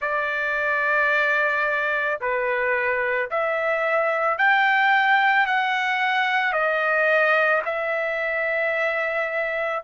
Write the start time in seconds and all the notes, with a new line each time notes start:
0.01 D5
2.21 B4
3.30 E5
4.37 G5
5.46 F#5
6.53 D#5
7.65 E5